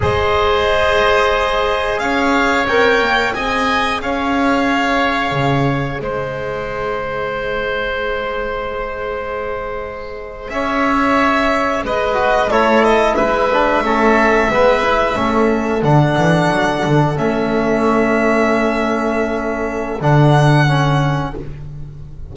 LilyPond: <<
  \new Staff \with { instrumentName = "violin" } { \time 4/4 \tempo 4 = 90 dis''2. f''4 | g''4 gis''4 f''2~ | f''4 dis''2.~ | dis''2.~ dis''8. e''16~ |
e''4.~ e''16 dis''4 cis''8 dis''8 e''16~ | e''2.~ e''8. fis''16~ | fis''4.~ fis''16 e''2~ e''16~ | e''2 fis''2 | }
  \new Staff \with { instrumentName = "oboe" } { \time 4/4 c''2. cis''4~ | cis''4 dis''4 cis''2~ | cis''4 c''2.~ | c''2.~ c''8. cis''16~ |
cis''4.~ cis''16 b'4 a'4 b'16~ | b'8. a'4 b'4 a'4~ a'16~ | a'1~ | a'1 | }
  \new Staff \with { instrumentName = "trombone" } { \time 4/4 gis'1 | ais'4 gis'2.~ | gis'1~ | gis'1~ |
gis'2~ gis'16 fis'8 e'4~ e'16~ | e'16 d'8 cis'4 b8 e'8 cis'4 d'16~ | d'4.~ d'16 cis'2~ cis'16~ | cis'2 d'4 cis'4 | }
  \new Staff \with { instrumentName = "double bass" } { \time 4/4 gis2. cis'4 | c'8 ais8 c'4 cis'2 | cis4 gis2.~ | gis2.~ gis8. cis'16~ |
cis'4.~ cis'16 gis4 a4 gis16~ | gis8. a4 gis4 a4 d16~ | d16 e8 fis8 d8 a2~ a16~ | a2 d2 | }
>>